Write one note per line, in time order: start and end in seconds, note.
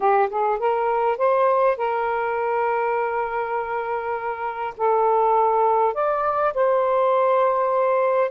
0.00 0.29 G4
0.29 0.59 G#4
0.59 1.17 A#4
1.17 1.77 C5
1.77 4.74 A#4
4.77 5.94 A4
5.94 6.53 D5
6.53 8.30 C5